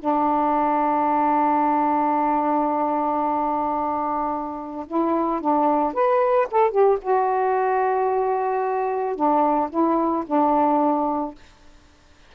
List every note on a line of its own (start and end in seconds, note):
0.00 4.86 D4
4.87 5.41 E4
5.41 5.94 D4
5.94 6.48 B4
6.52 6.71 A4
6.71 6.98 G4
7.02 9.16 F#4
9.16 9.70 D4
9.71 10.25 E4
10.27 11.35 D4